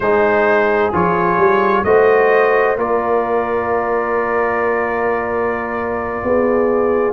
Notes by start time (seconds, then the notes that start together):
0.00 G#3 D#4 G#4 C5
0.92 F3 F4 C#5
1.37 G3
1.84 A3 F#4 C5 D#5
2.76 A#3 F4 A#4 D5
6.22 B3 G#4